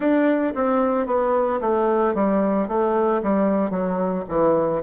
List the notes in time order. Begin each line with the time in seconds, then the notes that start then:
0.00 D4
0.55 C4
1.06 B3
1.60 A3
2.14 G3
2.68 A3
3.22 G3
3.70 F#3
4.28 E3